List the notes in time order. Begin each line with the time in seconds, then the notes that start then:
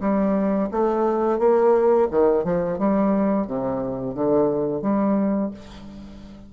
0.00 G3
0.71 A3
1.39 A#3
2.10 D#3
2.44 F3
2.78 G3
3.47 C3
4.14 D3
4.82 G3